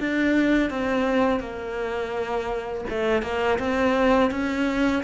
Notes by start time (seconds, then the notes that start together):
0.00 D4
0.70 C4
1.40 A#3
2.90 A3
3.23 A#3
3.59 C4
4.31 C#4